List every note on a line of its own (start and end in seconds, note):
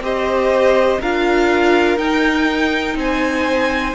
0.00 0.98 C4
0.00 1.01 G4
0.00 1.00 C5
0.00 1.02 D#5
1.00 1.97 D4
1.00 1.98 F4
1.00 2.97 A#4
1.00 1.98 F5
1.97 2.95 D#4
1.97 3.95 D#4
1.97 2.97 G5
2.95 3.94 C4
2.95 3.95 C5
2.95 3.95 G#5